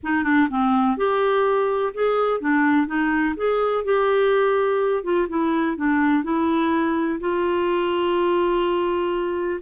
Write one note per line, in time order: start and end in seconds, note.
0.03 0.23 D#4
0.23 0.47 D4
0.50 0.97 C4
0.97 1.93 G4
1.93 2.40 G#4
2.40 2.86 D4
2.86 3.34 D#4
3.36 3.84 G#4
3.84 5.03 G4
5.03 5.27 F4
5.28 5.76 E4
5.76 6.23 D4
6.23 7.19 E4
7.20 9.60 F4